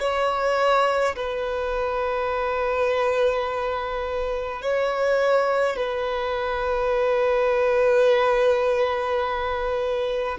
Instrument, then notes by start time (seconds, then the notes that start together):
violin
0.00 C#5
1.16 B4
4.62 C#5
5.76 B4